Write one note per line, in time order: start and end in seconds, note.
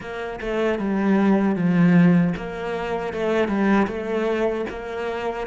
0.00 0.39 A#3
0.40 0.78 A3
0.78 1.55 G3
1.55 2.33 F3
2.36 3.13 A#3
3.13 3.47 A3
3.47 3.86 G3
3.87 4.65 A3
4.69 5.47 A#3